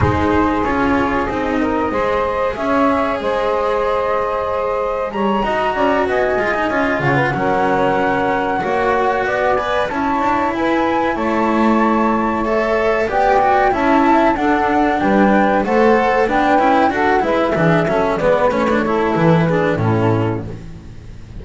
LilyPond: <<
  \new Staff \with { instrumentName = "flute" } { \time 4/4 \tempo 4 = 94 c''4 cis''4 dis''2 | e''4 dis''2. | ais''4. gis''4. fis''4~ | fis''2. gis''8 a''8~ |
a''8 gis''4 a''2 e''8~ | e''8 g''4 a''4 fis''4 g''8~ | g''8 fis''4 g''4 fis''8 e''4~ | e''8 d''8 cis''4 b'4 a'4 | }
  \new Staff \with { instrumentName = "saxophone" } { \time 4/4 gis'2~ gis'8 ais'8 c''4 | cis''4 c''2. | cis''8 dis''8 d''8 dis''4. cis''16 b'16 ais'8~ | ais'4. cis''4 d''4 cis''8~ |
cis''8 b'4 cis''2~ cis''8~ | cis''8 d''4 e''4 a'4 b'8~ | b'8 c''4 b'4 a'8 b'8 gis'8 | a'8 b'4 a'4 gis'8 e'4 | }
  \new Staff \with { instrumentName = "cello" } { \time 4/4 dis'4 f'4 dis'4 gis'4~ | gis'1~ | gis'8 fis'4. f'16 dis'16 f'4 cis'8~ | cis'4. fis'4. b'8 e'8~ |
e'2.~ e'8 a'8~ | a'8 g'8 fis'8 e'4 d'4.~ | d'8 a'4 d'8 e'8 fis'8 e'8 d'8 | cis'8 b8 cis'16 d'16 e'4 d'8 cis'4 | }
  \new Staff \with { instrumentName = "double bass" } { \time 4/4 gis4 cis'4 c'4 gis4 | cis'4 gis2. | g8 dis'8 cis'8 b8 gis8 cis'8 cis8 fis8~ | fis4. ais4 b4 cis'8 |
d'8 e'4 a2~ a8~ | a8 b4 cis'4 d'4 g8~ | g8 a4 b8 cis'8 d'8 gis8 e8 | fis8 gis8 a4 e4 a,4 | }
>>